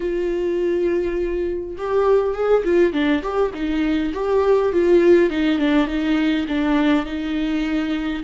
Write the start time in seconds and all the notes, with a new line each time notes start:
0.00 F4
1.77 G4
2.33 G#4
2.64 F4
2.92 D4
3.22 G4
3.54 D#4
4.13 G4
4.72 F4
5.30 D#4
5.58 D4
5.87 D#4
6.48 D4
7.05 D#4